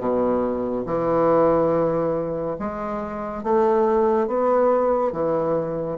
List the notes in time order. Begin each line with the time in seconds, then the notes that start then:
0.00 B2
0.86 E3
2.59 G#3
3.44 A3
4.28 B3
5.13 E3